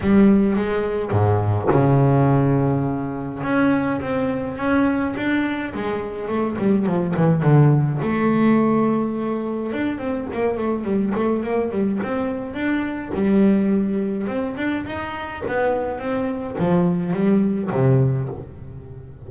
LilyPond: \new Staff \with { instrumentName = "double bass" } { \time 4/4 \tempo 4 = 105 g4 gis4 gis,4 cis4~ | cis2 cis'4 c'4 | cis'4 d'4 gis4 a8 g8 | f8 e8 d4 a2~ |
a4 d'8 c'8 ais8 a8 g8 a8 | ais8 g8 c'4 d'4 g4~ | g4 c'8 d'8 dis'4 b4 | c'4 f4 g4 c4 | }